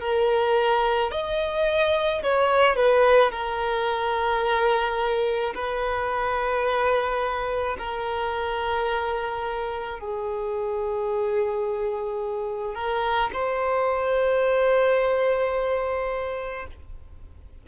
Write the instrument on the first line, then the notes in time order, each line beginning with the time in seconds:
violin
0.00 A#4
1.12 D#5
2.23 C#5
2.76 B4
3.31 A#4
5.55 B4
7.79 A#4
10.00 G#4
12.75 A#4
13.33 C5